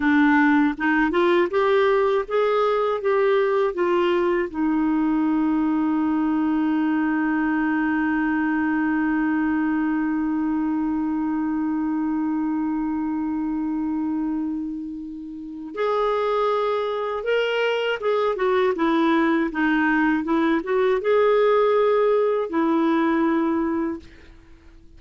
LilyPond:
\new Staff \with { instrumentName = "clarinet" } { \time 4/4 \tempo 4 = 80 d'4 dis'8 f'8 g'4 gis'4 | g'4 f'4 dis'2~ | dis'1~ | dis'1~ |
dis'1~ | dis'4 gis'2 ais'4 | gis'8 fis'8 e'4 dis'4 e'8 fis'8 | gis'2 e'2 | }